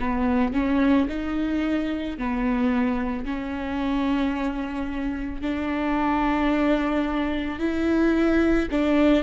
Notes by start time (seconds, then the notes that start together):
0.00 B3
0.54 C#4
1.09 D#4
2.18 B3
3.25 C#4
5.41 D4
7.59 E4
8.71 D4